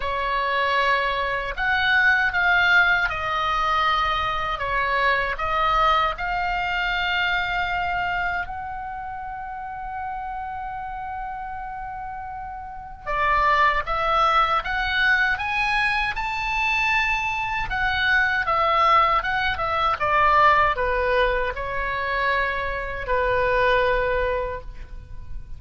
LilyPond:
\new Staff \with { instrumentName = "oboe" } { \time 4/4 \tempo 4 = 78 cis''2 fis''4 f''4 | dis''2 cis''4 dis''4 | f''2. fis''4~ | fis''1~ |
fis''4 d''4 e''4 fis''4 | gis''4 a''2 fis''4 | e''4 fis''8 e''8 d''4 b'4 | cis''2 b'2 | }